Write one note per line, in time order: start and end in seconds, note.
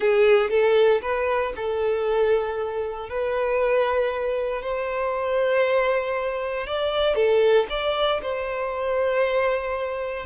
0.00 0.50 G#4
0.50 1.01 A4
1.01 1.53 B4
1.56 3.09 A4
3.09 4.62 B4
4.62 6.67 C5
6.67 7.15 D5
7.15 7.66 A4
7.69 8.21 D5
8.22 10.26 C5